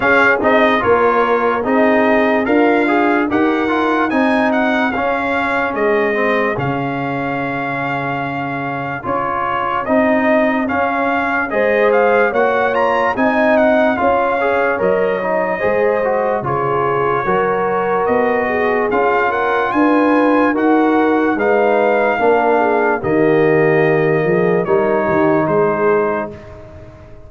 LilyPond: <<
  \new Staff \with { instrumentName = "trumpet" } { \time 4/4 \tempo 4 = 73 f''8 dis''8 cis''4 dis''4 f''4 | fis''4 gis''8 fis''8 f''4 dis''4 | f''2. cis''4 | dis''4 f''4 dis''8 f''8 fis''8 ais''8 |
gis''8 fis''8 f''4 dis''2 | cis''2 dis''4 f''8 fis''8 | gis''4 fis''4 f''2 | dis''2 cis''4 c''4 | }
  \new Staff \with { instrumentName = "horn" } { \time 4/4 gis'4 ais'4 gis'4 f'4 | ais'4 gis'2.~ | gis'1~ | gis'2 c''4 cis''4 |
dis''4 cis''2 c''4 | gis'4 ais'4. gis'4 ais'8 | b'4 ais'4 b'4 ais'8 gis'8 | g'4. gis'8 ais'8 g'8 gis'4 | }
  \new Staff \with { instrumentName = "trombone" } { \time 4/4 cis'8 dis'8 f'4 dis'4 ais'8 gis'8 | g'8 f'8 dis'4 cis'4. c'8 | cis'2. f'4 | dis'4 cis'4 gis'4 fis'8 f'8 |
dis'4 f'8 gis'8 ais'8 dis'8 gis'8 fis'8 | f'4 fis'2 f'4~ | f'4 fis'4 dis'4 d'4 | ais2 dis'2 | }
  \new Staff \with { instrumentName = "tuba" } { \time 4/4 cis'8 c'8 ais4 c'4 d'4 | dis'4 c'4 cis'4 gis4 | cis2. cis'4 | c'4 cis'4 gis4 ais4 |
c'4 cis'4 fis4 gis4 | cis4 fis4 b4 cis'4 | d'4 dis'4 gis4 ais4 | dis4. f8 g8 dis8 gis4 | }
>>